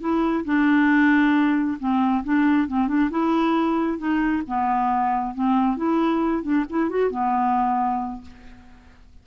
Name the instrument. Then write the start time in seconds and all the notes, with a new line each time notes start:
clarinet
0.00 E4
0.45 D4
1.79 C4
2.24 D4
2.68 C4
2.88 D4
3.11 E4
3.98 D#4
4.47 B3
5.35 C4
5.77 E4
6.43 D4
6.70 E4
6.90 F#4
7.11 B3